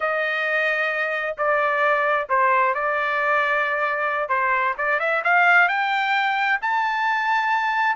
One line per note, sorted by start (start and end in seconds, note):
0.00 1.36 D#5
1.37 2.28 D5
2.29 2.74 C5
2.74 4.29 D5
4.29 4.74 C5
4.77 4.99 D5
4.99 5.22 E5
5.24 5.68 F5
5.68 6.59 G5
6.61 7.96 A5